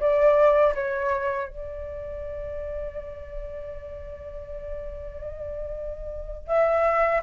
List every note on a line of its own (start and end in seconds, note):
0.00 0.74 D5
0.75 1.48 C#5
1.48 6.47 D5
6.47 7.22 E5